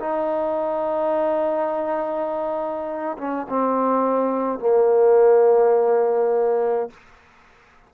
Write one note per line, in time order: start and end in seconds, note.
0.00 3.17 D#4
3.18 3.47 C#4
3.49 4.59 C4
4.59 6.90 A#3